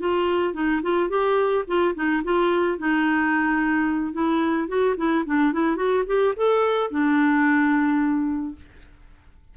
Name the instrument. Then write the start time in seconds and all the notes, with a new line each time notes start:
clarinet
0.00 F4
0.54 D#4
0.83 F4
1.10 G4
1.67 F4
1.95 D#4
2.24 F4
2.78 D#4
4.13 E4
4.68 F#4
4.97 E4
5.26 D4
5.52 E4
5.76 F#4
6.07 G4
6.36 A4
6.91 D4